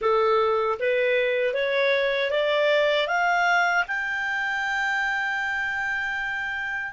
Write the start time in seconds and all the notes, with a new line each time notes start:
0.01 A4
0.79 B4
1.54 C#5
2.30 D5
3.07 F5
3.87 G5